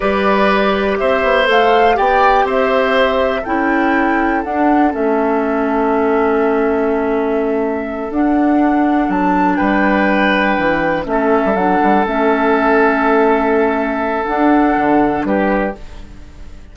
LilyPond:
<<
  \new Staff \with { instrumentName = "flute" } { \time 4/4 \tempo 4 = 122 d''2 e''4 f''4 | g''4 e''2 g''4~ | g''4 fis''4 e''2~ | e''1~ |
e''8 fis''2 a''4 g''8~ | g''2~ g''8 e''4 fis''8~ | fis''8 e''2.~ e''8~ | e''4 fis''2 b'4 | }
  \new Staff \with { instrumentName = "oboe" } { \time 4/4 b'2 c''2 | d''4 c''2 a'4~ | a'1~ | a'1~ |
a'2.~ a'8 b'8~ | b'2~ b'8 a'4.~ | a'1~ | a'2. g'4 | }
  \new Staff \with { instrumentName = "clarinet" } { \time 4/4 g'2. a'4 | g'2. e'4~ | e'4 d'4 cis'2~ | cis'1~ |
cis'8 d'2.~ d'8~ | d'2~ d'8 cis'4 d'8~ | d'8 cis'2.~ cis'8~ | cis'4 d'2. | }
  \new Staff \with { instrumentName = "bassoon" } { \time 4/4 g2 c'8 b8 a4 | b4 c'2 cis'4~ | cis'4 d'4 a2~ | a1~ |
a8 d'2 fis4 g8~ | g4. e4 a8. g16 fis8 | g8 a2.~ a8~ | a4 d'4 d4 g4 | }
>>